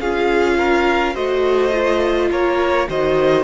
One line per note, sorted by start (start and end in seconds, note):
0.00 1.15 C#4
0.00 1.14 F4
0.00 0.58 G#4
0.00 1.15 F5
0.58 1.14 A#4
1.14 2.30 A3
1.14 1.72 F#4
1.14 2.29 C5
1.14 2.31 D#5
1.72 2.88 F4
2.30 2.88 A#3
2.30 2.88 A#4
2.30 2.89 C#5
2.88 3.43 D#3
2.88 3.43 F#4
2.88 3.43 C5
2.88 3.43 D#5